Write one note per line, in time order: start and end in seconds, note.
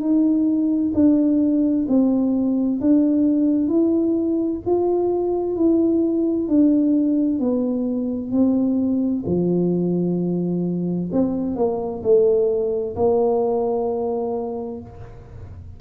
0.00 0.92 D#4
0.94 1.86 D4
1.88 2.80 C4
2.81 3.68 D4
3.68 4.60 E4
4.66 5.56 F4
5.56 6.48 E4
6.48 7.39 D4
7.39 8.31 B3
8.31 9.23 C4
9.26 11.10 F3
11.12 11.56 C4
11.56 12.02 A#3
12.03 12.95 A3
12.96 14.80 A#3